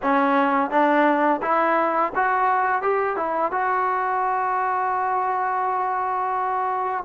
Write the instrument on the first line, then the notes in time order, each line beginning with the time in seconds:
trombone
0.02 C#4
0.70 D4
1.41 E4
2.15 F#4
2.82 G4
3.16 E4
3.51 F#4